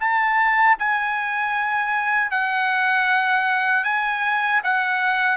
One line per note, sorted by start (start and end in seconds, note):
0.00 0.77 A5
0.79 2.31 G#5
2.31 3.84 F#5
3.84 4.61 G#5
4.64 5.37 F#5